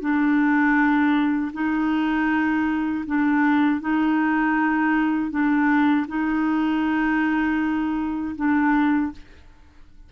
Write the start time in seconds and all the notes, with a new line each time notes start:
0.00 D4
1.53 D#4
3.06 D4
3.81 D#4
5.30 D4
6.08 D#4
8.36 D4